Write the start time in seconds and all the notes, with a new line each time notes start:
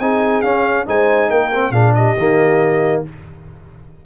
0.00 C4 D#4 G#4 G#5
0.42 C#4 F5
0.87 G#3 D#4 C5 G#5
1.31 A#3 A#4 G5
1.54 C4
1.71 A#2 D4 G#4 F5
1.95 G4 D#5
2.17 D#3 A#3